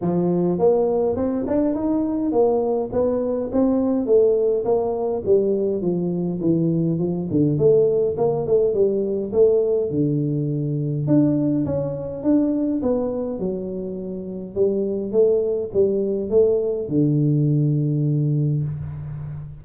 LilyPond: \new Staff \with { instrumentName = "tuba" } { \time 4/4 \tempo 4 = 103 f4 ais4 c'8 d'8 dis'4 | ais4 b4 c'4 a4 | ais4 g4 f4 e4 | f8 d8 a4 ais8 a8 g4 |
a4 d2 d'4 | cis'4 d'4 b4 fis4~ | fis4 g4 a4 g4 | a4 d2. | }